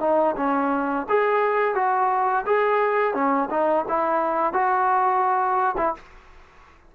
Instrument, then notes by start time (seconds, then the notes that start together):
trombone
0.00 D#4
0.36 C#4
1.08 G#4
1.75 F#4
2.46 G#4
3.14 C#4
3.50 D#4
3.88 E4
4.53 F#4
5.77 E4